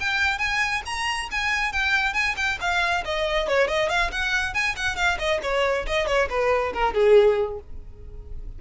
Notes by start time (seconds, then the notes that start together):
0.00 G5
0.39 G#5
0.86 A#5
1.31 G#5
1.72 G5
2.13 G#5
2.37 G5
2.61 F5
3.05 D#5
3.48 C#5
3.67 D#5
3.89 F5
4.12 F#5
4.54 G#5
4.76 F#5
4.96 F5
5.19 D#5
5.42 C#5
5.87 D#5
6.07 C#5
6.29 B4
6.73 A#4
6.94 G#4